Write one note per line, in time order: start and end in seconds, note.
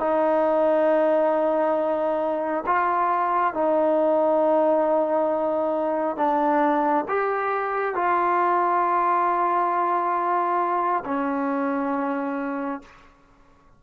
0.00 2.65 D#4
2.67 3.55 F4
3.55 6.17 D#4
6.17 7.05 D4
7.09 7.96 G4
7.96 11.05 F4
11.06 12.82 C#4